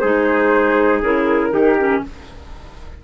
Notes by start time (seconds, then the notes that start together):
0.00 G#3 D#4 G#4 C5
1.02 C#3 E4 A#4
1.51 D#3 D#4 G4
1.79 C#4